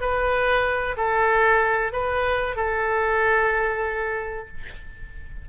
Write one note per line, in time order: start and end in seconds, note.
0.00 0.96 B4
0.97 1.92 A4
1.92 2.56 B4
2.56 4.47 A4